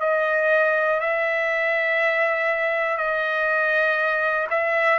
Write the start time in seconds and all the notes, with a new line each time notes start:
0.00 D#5
1.00 E5
2.97 D#5
4.50 E5